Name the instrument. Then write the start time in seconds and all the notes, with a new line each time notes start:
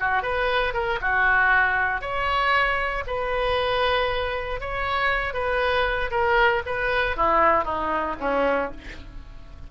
oboe
0.00 F#4
0.23 B4
0.74 A#4
1.01 F#4
2.01 C#5
3.07 B4
4.60 C#5
5.34 B4
6.11 A#4
6.66 B4
7.17 E4
7.65 D#4
8.20 C#4